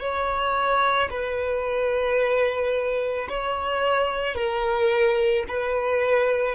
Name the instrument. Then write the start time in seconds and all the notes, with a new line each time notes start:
violin
0.00 C#5
1.10 B4
3.29 C#5
4.34 A#4
5.48 B4